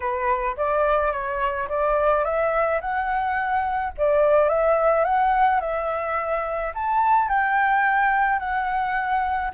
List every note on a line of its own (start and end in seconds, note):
0.00 0.55 B4
0.57 1.12 D5
1.12 1.68 C#5
1.68 2.24 D5
2.24 2.80 E5
2.80 3.93 F#5
3.97 4.48 D5
4.48 5.04 E5
5.04 5.60 F#5
5.60 6.72 E5
6.74 7.28 A5
7.28 8.39 G5
8.39 9.51 F#5